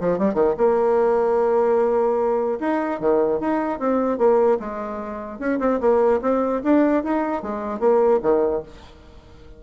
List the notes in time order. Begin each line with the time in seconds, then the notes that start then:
0.00 F3
0.18 G3
0.34 D#3
0.58 A#3
2.60 D#4
3.00 D#3
3.40 D#4
3.79 C4
4.18 A#3
4.60 G#3
5.39 C#4
5.60 C4
5.80 A#3
6.22 C4
6.64 D4
7.03 D#4
7.42 G#3
7.80 A#3
8.22 D#3